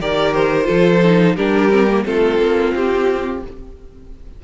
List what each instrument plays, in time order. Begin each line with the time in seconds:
0.00 cello D#3, viola G4, violin A#4 D5
0.34 violin C5
0.64 cello F3, viola F4, violin A4
1.03 viola D#4
1.35 cello G3, viola D4, violin G4 A#4
1.70 viola C4
1.87 viola A#3
2.04 cello A3, viola C4, violin F4 A4
2.38 cello A#3
2.74 cello C4, violin G4